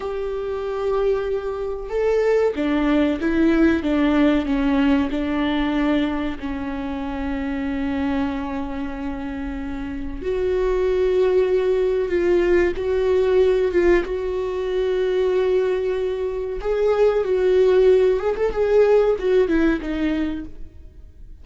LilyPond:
\new Staff \with { instrumentName = "viola" } { \time 4/4 \tempo 4 = 94 g'2. a'4 | d'4 e'4 d'4 cis'4 | d'2 cis'2~ | cis'1 |
fis'2. f'4 | fis'4. f'8 fis'2~ | fis'2 gis'4 fis'4~ | fis'8 gis'16 a'16 gis'4 fis'8 e'8 dis'4 | }